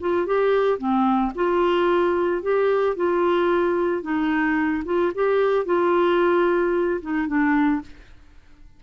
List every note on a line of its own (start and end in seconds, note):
0.00 0.26 F4
0.26 0.78 G4
0.78 1.32 C4
1.35 2.42 F4
2.42 2.96 G4
2.96 4.02 F4
4.02 4.83 D#4
4.85 5.12 F4
5.15 5.65 G4
5.65 7.00 F4
7.01 7.28 D#4
7.28 7.82 D4